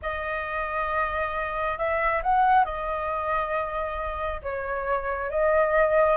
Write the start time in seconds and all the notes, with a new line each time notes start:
0.02 D#5
1.78 E5
2.22 F#5
2.65 D#5
4.42 C#5
5.30 D#5